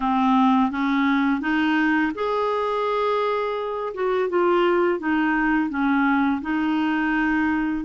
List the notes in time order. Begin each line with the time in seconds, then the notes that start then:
0.00 C4
0.70 C#4
1.40 D#4
2.14 G#4
3.94 F#4
4.29 F4
4.99 D#4
5.69 C#4
6.41 D#4